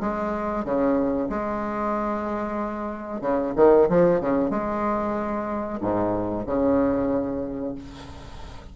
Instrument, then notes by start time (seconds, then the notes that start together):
bassoon
0.00 G#3
0.64 C#3
1.29 G#3
3.21 C#3
3.56 D#3
3.89 F3
4.20 C#3
4.50 G#3
5.81 G#2
6.46 C#3